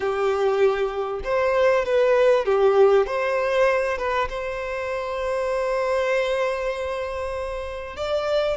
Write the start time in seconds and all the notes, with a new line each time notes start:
0.00 G4
1.24 C5
1.85 B4
2.45 G4
3.06 C5
3.98 B4
4.29 C5
7.96 D5